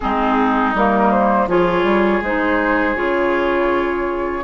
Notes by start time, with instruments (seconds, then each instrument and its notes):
0.00 bassoon G#3, clarinet C4, oboe D#4, flute G#4
0.74 bassoon G3, clarinet A#3, flute A#4
1.11 flute C5
1.47 bassoon F3, clarinet F4, oboe G#4, flute C#5
1.83 bassoon G3
2.22 bassoon G#3, clarinet D#4, flute C5
2.95 bassoon C#3, clarinet F4, flute C#5